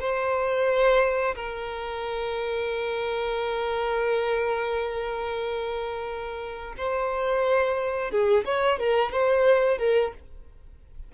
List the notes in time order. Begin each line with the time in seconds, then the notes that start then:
0.00 C5
1.35 A#4
6.77 C5
8.11 G#4
8.45 C#5
8.79 A#4
9.12 C5
9.78 A#4